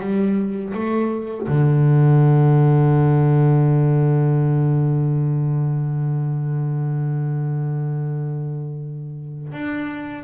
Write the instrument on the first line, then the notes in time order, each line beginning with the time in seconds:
double bass
0.00 G3
0.74 A3
1.47 D3
9.52 D4